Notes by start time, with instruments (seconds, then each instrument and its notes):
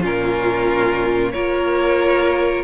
0.00 cello A#2, viola C#4, violin F4 A#4
1.32 cello A#3, viola F4, violin A#4 C#5